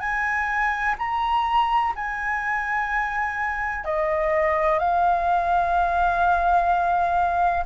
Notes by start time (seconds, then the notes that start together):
0.00 G#5
0.98 A#5
1.95 G#5
3.85 D#5
4.79 F5